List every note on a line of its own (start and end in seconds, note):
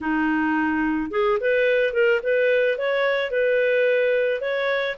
0.01 1.10 D#4
1.10 1.38 G#4
1.40 1.93 B4
1.93 2.20 A#4
2.23 2.77 B4
2.77 3.30 C#5
3.30 4.40 B4
4.40 4.95 C#5